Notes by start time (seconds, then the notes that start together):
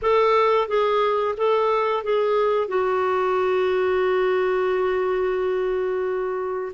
0.02 A4
0.67 G#4
1.37 A4
2.03 G#4
2.68 F#4